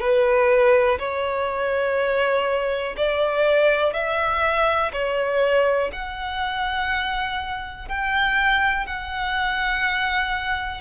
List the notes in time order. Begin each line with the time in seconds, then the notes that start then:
0.00 B4
0.99 C#5
2.96 D5
3.93 E5
4.93 C#5
5.92 F#5
7.88 G5
8.87 F#5